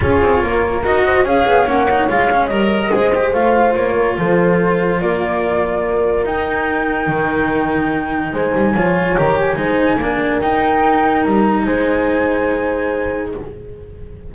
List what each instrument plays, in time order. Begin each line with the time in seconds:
0.00 double bass C#4, cello F4, horn G#4, flute C#5
0.21 double bass C4
0.42 double bass A#3, horn A#4
0.84 double bass D#4, cello F#4, flute D#5
1.05 horn C5
1.24 double bass C#4, cello G#4, horn C#5, flute F5
1.45 double bass B3
1.66 double bass A#3, cello C#4, flute F#5
1.90 cello D#4
2.08 double bass G#3, cello F4, flute F5
2.31 cello C#4
2.46 double bass G3, cello A#4, flute D#5
2.91 double bass G#3, cello G#4, horn C5
3.15 cello G4
3.33 double bass A3, cello F4, flute F5
3.75 double bass A#3, flute C#5
3.95 horn A#4
4.18 double bass F3, horn A4, flute C5
5.00 double bass A#3, horn A#4, flute D5
6.24 double bass D#4, cello D#4, flute G5
7.06 double bass D#3
8.32 double bass G#3, horn C5, flute G#5
8.54 double bass G3
8.74 double bass F3, cello F4, horn C#5
9.16 double bass D#3, cello G4, flute A#5
9.39 flute G#5
9.55 double bass G#3, cello D#4, horn C5
9.97 double bass A#3, cello D4, horn A#4
10.40 cello D#4, double bass D#4, flute G5
11.23 double bass G3, flute A#5
11.65 double bass G#3, horn C5, flute G#5